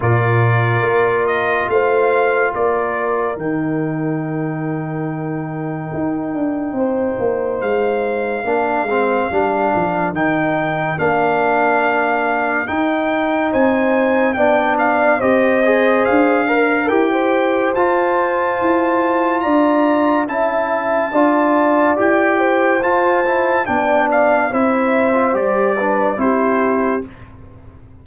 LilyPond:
<<
  \new Staff \with { instrumentName = "trumpet" } { \time 4/4 \tempo 4 = 71 d''4. dis''8 f''4 d''4 | g''1~ | g''4 f''2. | g''4 f''2 g''4 |
gis''4 g''8 f''8 dis''4 f''4 | g''4 a''2 ais''4 | a''2 g''4 a''4 | g''8 f''8 e''4 d''4 c''4 | }
  \new Staff \with { instrumentName = "horn" } { \time 4/4 ais'2 c''4 ais'4~ | ais'1 | c''2 ais'2~ | ais'1 |
c''4 d''4 c''4. ais'8~ | ais'16 c''2~ c''8. d''4 | e''4 d''4. c''4. | d''4 c''4. b'8 g'4 | }
  \new Staff \with { instrumentName = "trombone" } { \time 4/4 f'1 | dis'1~ | dis'2 d'8 c'8 d'4 | dis'4 d'2 dis'4~ |
dis'4 d'4 g'8 gis'4 ais'8 | g'4 f'2. | e'4 f'4 g'4 f'8 e'8 | d'4 e'8. f'16 g'8 d'8 e'4 | }
  \new Staff \with { instrumentName = "tuba" } { \time 4/4 ais,4 ais4 a4 ais4 | dis2. dis'8 d'8 | c'8 ais8 gis4 ais8 gis8 g8 f8 | dis4 ais2 dis'4 |
c'4 b4 c'4 d'4 | e'4 f'4 e'4 d'4 | cis'4 d'4 e'4 f'4 | b4 c'4 g4 c'4 | }
>>